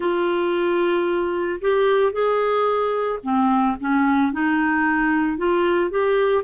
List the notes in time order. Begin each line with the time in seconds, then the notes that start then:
0.00 F4
1.61 G4
2.12 G#4
3.23 C4
3.79 C#4
4.32 D#4
5.37 F4
5.90 G4